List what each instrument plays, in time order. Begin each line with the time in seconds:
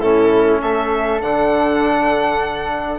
0.00 bassoon A2, trombone C#4, flute E4, violin A4
0.62 bassoon A3, flute A4, violin E5
1.21 bassoon D3, trombone D4, violin F#5